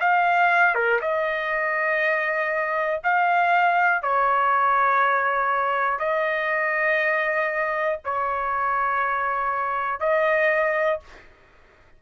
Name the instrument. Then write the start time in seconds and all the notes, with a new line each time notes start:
trumpet
0.00 F5
0.75 A#4
1.01 D#5
3.04 F5
4.03 C#5
5.99 D#5
8.05 C#5
10.00 D#5